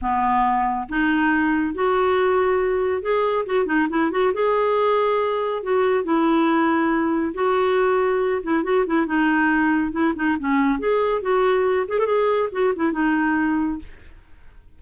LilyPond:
\new Staff \with { instrumentName = "clarinet" } { \time 4/4 \tempo 4 = 139 b2 dis'2 | fis'2. gis'4 | fis'8 dis'8 e'8 fis'8 gis'2~ | gis'4 fis'4 e'2~ |
e'4 fis'2~ fis'8 e'8 | fis'8 e'8 dis'2 e'8 dis'8 | cis'4 gis'4 fis'4. gis'16 a'16 | gis'4 fis'8 e'8 dis'2 | }